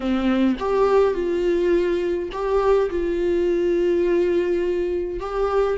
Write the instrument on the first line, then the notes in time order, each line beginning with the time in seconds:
viola
0.00 C4
0.59 G4
1.14 F4
2.32 G4
2.90 F4
5.19 G4